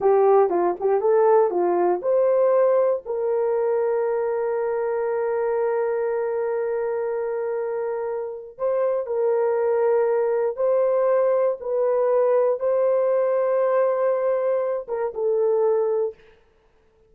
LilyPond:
\new Staff \with { instrumentName = "horn" } { \time 4/4 \tempo 4 = 119 g'4 f'8 g'8 a'4 f'4 | c''2 ais'2~ | ais'1~ | ais'1~ |
ais'4 c''4 ais'2~ | ais'4 c''2 b'4~ | b'4 c''2.~ | c''4. ais'8 a'2 | }